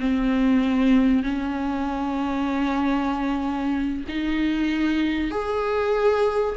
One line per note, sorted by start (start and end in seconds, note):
0.00 1.23 C4
1.23 4.05 C#4
4.09 5.31 D#4
5.31 6.56 G#4